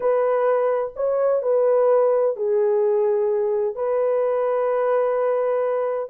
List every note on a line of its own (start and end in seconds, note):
0.00 0.93 B4
0.95 1.42 C#5
1.42 2.36 B4
2.36 3.75 G#4
3.75 6.09 B4